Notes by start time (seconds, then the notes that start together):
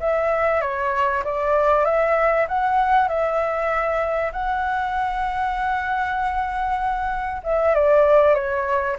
0.00 E5
0.61 C#5
1.24 D5
1.85 E5
2.48 F#5
3.08 E5
4.32 F#5
7.44 E5
7.75 D5
8.35 C#5